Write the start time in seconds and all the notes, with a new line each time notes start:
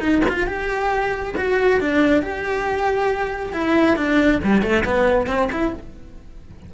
0.00 D#4
0.29 F4
0.47 G4
1.37 F#4
1.80 D4
2.22 G4
3.53 E4
3.96 D4
4.44 G3
4.62 A3
4.85 B3
5.27 C4
5.52 E4